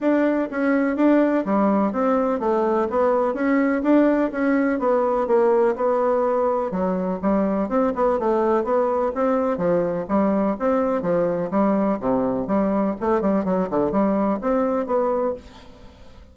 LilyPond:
\new Staff \with { instrumentName = "bassoon" } { \time 4/4 \tempo 4 = 125 d'4 cis'4 d'4 g4 | c'4 a4 b4 cis'4 | d'4 cis'4 b4 ais4 | b2 fis4 g4 |
c'8 b8 a4 b4 c'4 | f4 g4 c'4 f4 | g4 c4 g4 a8 g8 | fis8 d8 g4 c'4 b4 | }